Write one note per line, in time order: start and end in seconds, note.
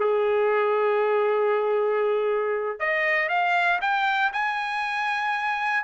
0.00 2.80 G#4
2.80 3.29 D#5
3.29 3.80 F5
3.81 4.32 G5
4.33 5.84 G#5